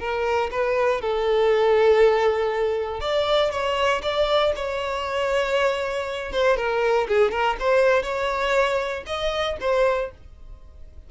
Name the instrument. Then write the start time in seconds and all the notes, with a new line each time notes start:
violin
0.00 A#4
0.52 B4
1.01 A4
3.01 D5
3.51 C#5
4.03 D5
4.56 C#5
6.33 C5
6.57 A#4
7.08 G#4
7.32 A#4
7.60 C5
8.03 C#5
9.07 D#5
9.61 C5